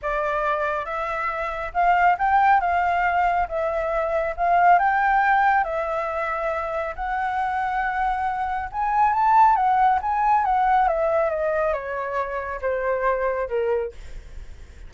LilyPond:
\new Staff \with { instrumentName = "flute" } { \time 4/4 \tempo 4 = 138 d''2 e''2 | f''4 g''4 f''2 | e''2 f''4 g''4~ | g''4 e''2. |
fis''1 | gis''4 a''4 fis''4 gis''4 | fis''4 e''4 dis''4 cis''4~ | cis''4 c''2 ais'4 | }